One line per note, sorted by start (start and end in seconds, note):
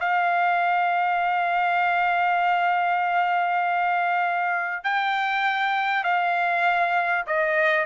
0.00 4.84 F5
4.84 6.04 G5
6.04 7.25 F5
7.27 7.86 D#5